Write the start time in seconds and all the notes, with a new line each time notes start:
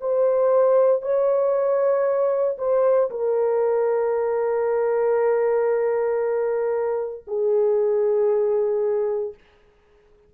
0.00 C5
1.02 C#5
2.58 C5
3.10 A#4
7.27 G#4